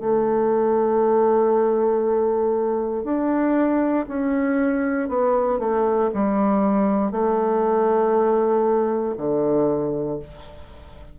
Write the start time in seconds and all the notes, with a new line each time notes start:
0.00 A3
3.04 D4
4.08 C#4
5.09 B3
5.59 A3
6.14 G3
7.11 A3
9.18 D3